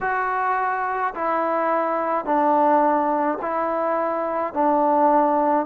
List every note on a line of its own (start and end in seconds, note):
0.00 1.13 F#4
1.14 2.25 E4
2.25 3.38 D4
3.41 4.53 E4
4.53 5.66 D4